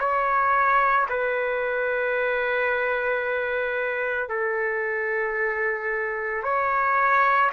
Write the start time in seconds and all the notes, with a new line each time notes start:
0.00 C#5
1.10 B4
4.30 A4
6.44 C#5